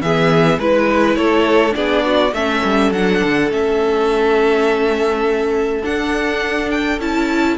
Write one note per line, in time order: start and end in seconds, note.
0.00 0.58 E3
0.00 0.60 B3
0.00 0.59 G#4
0.00 0.59 E5
0.58 1.16 G#3
0.58 1.70 E4
0.58 1.17 B4
0.58 1.15 B4
1.15 1.74 A3
1.15 1.75 A4
1.15 1.74 C#5
1.70 2.33 B3
1.70 2.29 D4
1.70 2.04 G#4
1.70 2.33 D5
2.05 2.34 F#4
2.33 2.62 A3
2.33 2.93 C#4
2.33 7.57 A4
2.33 2.92 E5
2.63 2.91 G3
2.91 3.20 F#3
2.91 3.50 D4
2.91 3.50 F#5
3.24 3.49 D3
3.49 5.82 A3
3.49 5.83 C#4
3.49 5.84 E5
5.83 6.99 D4
5.83 6.70 F#5
6.70 6.99 G5
6.99 7.57 C#4
6.99 7.57 E4
6.99 7.57 A5